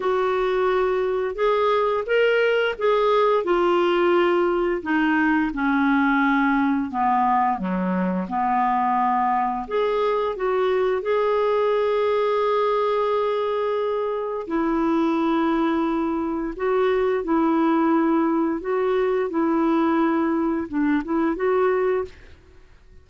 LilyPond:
\new Staff \with { instrumentName = "clarinet" } { \time 4/4 \tempo 4 = 87 fis'2 gis'4 ais'4 | gis'4 f'2 dis'4 | cis'2 b4 fis4 | b2 gis'4 fis'4 |
gis'1~ | gis'4 e'2. | fis'4 e'2 fis'4 | e'2 d'8 e'8 fis'4 | }